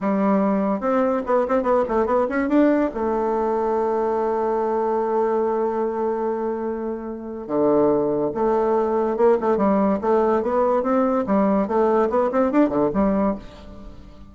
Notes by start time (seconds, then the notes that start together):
0.00 G3
0.80 C4
1.26 B3
1.48 C4
1.62 B3
1.88 A3
2.06 B3
2.29 C#4
2.48 D4
2.94 A3
7.47 D3
8.34 A3
9.16 A#3
9.40 A3
9.57 G3
10.01 A3
10.42 B3
10.83 C4
11.26 G3
11.67 A3
12.09 B3
12.31 C4
12.51 D4
12.69 D3
12.93 G3